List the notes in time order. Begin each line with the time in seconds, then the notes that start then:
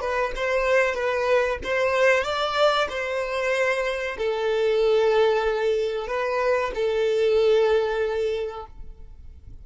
0.00 B4
0.35 C5
0.94 B4
1.64 C5
2.24 D5
2.89 C5
4.18 A4
6.07 B4
6.75 A4